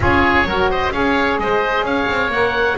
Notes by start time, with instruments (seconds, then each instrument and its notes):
0.00 double bass C#4, saxophone F4, oboe G#4 C#5
0.44 double bass F#3, saxophone F#4, oboe A#4
0.70 oboe C5 D#5
0.91 double bass C#4, saxophone G#4, oboe C#5 F5
1.37 double bass G#3, oboe C5 D#5
1.82 double bass C#4, oboe C#5 F5
2.09 double bass C4
2.28 double bass A#3, saxophone A#4, oboe F#5